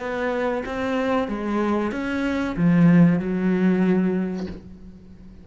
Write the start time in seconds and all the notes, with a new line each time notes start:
0.00 B3
0.66 C4
1.28 G#3
1.92 C#4
2.57 F3
3.19 F#3